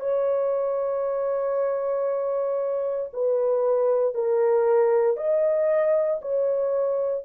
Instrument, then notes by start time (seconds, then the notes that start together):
horn
0.00 C#5
3.13 B4
4.15 A#4
5.17 D#5
6.22 C#5